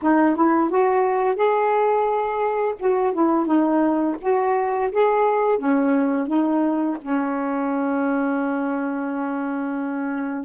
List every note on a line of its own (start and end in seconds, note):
0.02 0.35 D#4
0.35 0.70 E4
0.70 1.35 F#4
1.35 2.75 G#4
2.79 3.13 F#4
3.13 3.46 E4
3.46 4.15 D#4
4.21 4.91 F#4
4.91 5.58 G#4
5.58 6.27 C#4
6.27 6.97 D#4
7.01 10.44 C#4